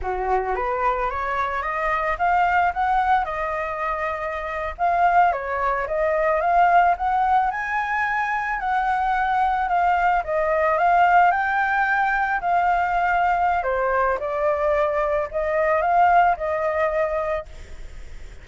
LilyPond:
\new Staff \with { instrumentName = "flute" } { \time 4/4 \tempo 4 = 110 fis'4 b'4 cis''4 dis''4 | f''4 fis''4 dis''2~ | dis''8. f''4 cis''4 dis''4 f''16~ | f''8. fis''4 gis''2 fis''16~ |
fis''4.~ fis''16 f''4 dis''4 f''16~ | f''8. g''2 f''4~ f''16~ | f''4 c''4 d''2 | dis''4 f''4 dis''2 | }